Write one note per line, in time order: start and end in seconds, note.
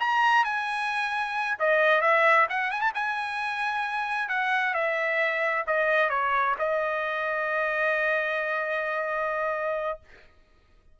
0.00 0.44 A#5
0.44 1.58 G#5
1.59 2.01 D#5
2.01 2.47 E5
2.50 2.71 F#5
2.71 2.81 G#5
2.81 2.92 A5
2.94 4.29 G#5
4.29 4.74 F#5
4.74 5.65 E5
5.67 6.10 D#5
6.10 6.55 C#5
6.59 10.00 D#5